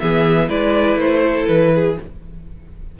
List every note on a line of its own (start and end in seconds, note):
0.00 0.49 E3
0.00 0.49 B3
0.00 0.48 G#4
0.00 0.49 E5
0.48 0.96 G#3
0.48 1.96 E4
0.48 1.21 B4
0.48 0.98 D5
0.96 1.45 A3
0.96 1.47 C5
1.24 1.73 A4
1.47 1.98 E3
1.47 1.96 B4
1.75 1.99 G#4